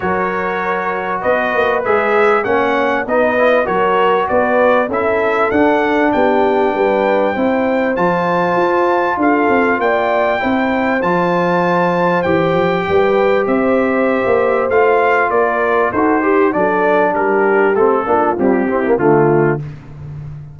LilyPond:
<<
  \new Staff \with { instrumentName = "trumpet" } { \time 4/4 \tempo 4 = 98 cis''2 dis''4 e''4 | fis''4 dis''4 cis''4 d''4 | e''4 fis''4 g''2~ | g''4 a''2 f''4 |
g''2 a''2 | g''2 e''2 | f''4 d''4 c''4 d''4 | ais'4 a'4 g'4 f'4 | }
  \new Staff \with { instrumentName = "horn" } { \time 4/4 ais'2 b'2 | cis''4 b'4 ais'4 b'4 | a'2 g'4 b'4 | c''2. a'4 |
d''4 c''2.~ | c''4 b'4 c''2~ | c''4 ais'4 a'8 g'8 a'4 | g'4. f'4 e'8 f'4 | }
  \new Staff \with { instrumentName = "trombone" } { \time 4/4 fis'2. gis'4 | cis'4 dis'8 e'8 fis'2 | e'4 d'2. | e'4 f'2.~ |
f'4 e'4 f'2 | g'1 | f'2 fis'8 g'8 d'4~ | d'4 c'8 d'8 g8 c'16 ais16 a4 | }
  \new Staff \with { instrumentName = "tuba" } { \time 4/4 fis2 b8 ais8 gis4 | ais4 b4 fis4 b4 | cis'4 d'4 b4 g4 | c'4 f4 f'4 d'8 c'8 |
ais4 c'4 f2 | e8 f8 g4 c'4~ c'16 ais8. | a4 ais4 dis'4 fis4 | g4 a8 ais8 c'4 d4 | }
>>